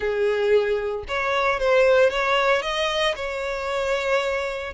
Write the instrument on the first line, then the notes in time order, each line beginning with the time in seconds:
violin
0.00 G#4
1.08 C#5
1.59 C5
2.10 C#5
2.62 D#5
3.15 C#5